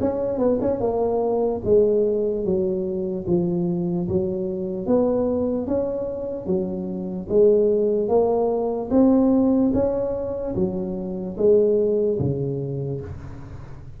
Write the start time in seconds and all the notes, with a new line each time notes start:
0.00 C#4
0.38 B3
0.60 C#4
0.80 A#3
1.64 G#3
2.44 F#3
3.27 F3
4.08 F#3
4.86 B3
5.66 C#4
6.46 F#3
7.28 G#3
8.08 A#3
8.90 C4
9.73 C#4
10.55 F#3
11.37 G#3
12.19 C#3